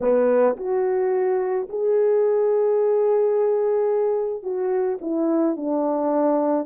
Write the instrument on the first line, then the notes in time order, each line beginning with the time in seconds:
horn
0.00 B3
0.56 F#4
1.69 G#4
4.42 F#4
5.01 E4
5.56 D4